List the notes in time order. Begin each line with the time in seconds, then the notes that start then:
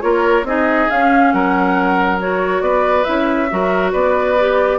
0.00 A#3 F4 A#4 C#5
0.43 C4 D#4 G#4 D#5
0.90 C#4 F5
1.32 F#3 A#4 F#5
2.20 F#4 C#5
2.61 B3 B4 D5
3.04 C#4 E4 E5
3.50 F#3 F#4 A#4
3.92 B3 B4 D5
4.39 G4